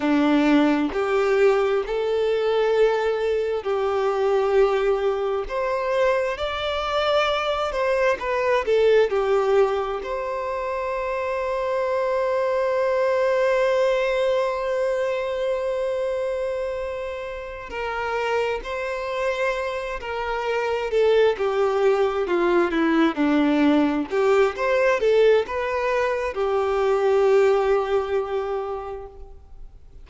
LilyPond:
\new Staff \with { instrumentName = "violin" } { \time 4/4 \tempo 4 = 66 d'4 g'4 a'2 | g'2 c''4 d''4~ | d''8 c''8 b'8 a'8 g'4 c''4~ | c''1~ |
c''2.~ c''8 ais'8~ | ais'8 c''4. ais'4 a'8 g'8~ | g'8 f'8 e'8 d'4 g'8 c''8 a'8 | b'4 g'2. | }